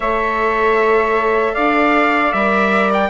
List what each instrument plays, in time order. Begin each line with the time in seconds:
0.00 bassoon A3, viola A4, saxophone C#5, trumpet E5
1.53 bassoon D4, saxophone D5, trumpet F5
2.32 bassoon G3, viola A#4, trumpet E5
2.93 trumpet G5